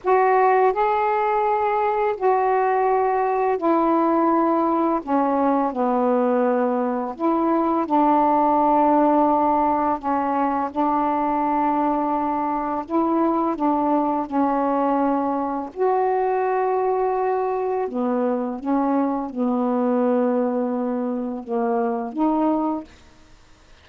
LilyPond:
\new Staff \with { instrumentName = "saxophone" } { \time 4/4 \tempo 4 = 84 fis'4 gis'2 fis'4~ | fis'4 e'2 cis'4 | b2 e'4 d'4~ | d'2 cis'4 d'4~ |
d'2 e'4 d'4 | cis'2 fis'2~ | fis'4 b4 cis'4 b4~ | b2 ais4 dis'4 | }